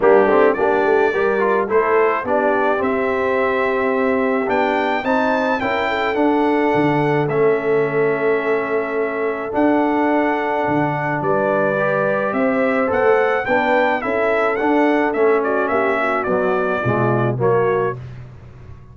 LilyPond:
<<
  \new Staff \with { instrumentName = "trumpet" } { \time 4/4 \tempo 4 = 107 g'4 d''2 c''4 | d''4 e''2. | g''4 a''4 g''4 fis''4~ | fis''4 e''2.~ |
e''4 fis''2. | d''2 e''4 fis''4 | g''4 e''4 fis''4 e''8 d''8 | e''4 d''2 cis''4 | }
  \new Staff \with { instrumentName = "horn" } { \time 4/4 d'4 g'4 ais'4 a'4 | g'1~ | g'4 c''4 ais'8 a'4.~ | a'1~ |
a'1 | b'2 c''2 | b'4 a'2~ a'8 fis'8 | g'8 fis'4. f'4 fis'4 | }
  \new Staff \with { instrumentName = "trombone" } { \time 4/4 ais8 c'8 d'4 g'8 f'8 e'4 | d'4 c'2. | d'4 dis'4 e'4 d'4~ | d'4 cis'2.~ |
cis'4 d'2.~ | d'4 g'2 a'4 | d'4 e'4 d'4 cis'4~ | cis'4 fis4 gis4 ais4 | }
  \new Staff \with { instrumentName = "tuba" } { \time 4/4 g8 a8 ais8 a8 g4 a4 | b4 c'2. | b4 c'4 cis'4 d'4 | d4 a2.~ |
a4 d'2 d4 | g2 c'4 b16 a8. | b4 cis'4 d'4 a4 | ais4 b4 b,4 fis4 | }
>>